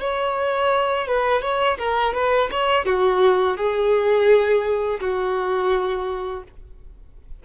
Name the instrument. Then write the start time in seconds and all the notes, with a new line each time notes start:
violin
0.00 C#5
1.07 B4
1.42 C#5
1.78 A#4
2.13 B4
2.51 C#5
2.85 F#4
3.57 G#4
5.00 F#4